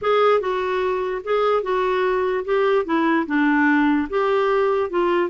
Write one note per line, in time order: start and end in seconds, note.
0.01 0.40 G#4
0.40 1.22 F#4
1.24 1.62 G#4
1.62 2.44 F#4
2.44 2.85 G4
2.85 3.26 E4
3.26 4.08 D4
4.09 4.89 G4
4.89 5.29 F4